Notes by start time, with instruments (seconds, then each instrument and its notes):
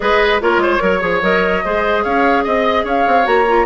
0.00 bassoon G#3, clarinet G#4, oboe B4, flute D#5
0.40 bassoon A#3, clarinet F4, oboe A#4, flute C#5
0.57 bassoon G#3, oboe C5
0.79 bassoon F#3, clarinet A#4, oboe C#5
1.00 bassoon F3, clarinet G#4
1.21 bassoon F#3, clarinet A#4, flute D#5
1.64 bassoon G#3, clarinet G#4, oboe C5
2.03 bassoon C#4, oboe C#5, flute F5
2.43 bassoon C4, oboe D#5, flute D#5
2.84 bassoon C#4, oboe C#5, flute F5
3.07 bassoon C4
3.23 bassoon A#3, clarinet F#4, flute A#5
3.48 clarinet F4